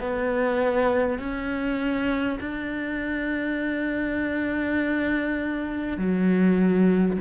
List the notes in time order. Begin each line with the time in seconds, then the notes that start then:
0.00 B3
1.18 C#4
2.40 D4
5.97 F#3